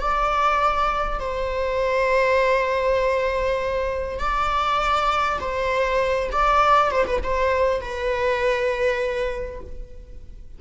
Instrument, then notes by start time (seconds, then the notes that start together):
viola
0.00 D5
1.20 C5
4.19 D5
5.40 C5
6.32 D5
6.91 C5
7.06 B4
7.24 C5
7.81 B4